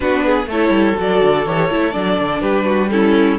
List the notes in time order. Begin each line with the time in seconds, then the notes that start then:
0.00 B3 D4 F#4 B4
0.25 G#4
0.46 A3 E4 A4 C#5
0.69 G3
0.96 F#3 F#4 D5
1.21 D3
1.45 E3 G4 C#5
1.70 A3 E4
1.92 F#3 D4 D5
2.19 D3
2.40 G3 G4 B4
2.65 F#4
2.90 C#4 E4 A4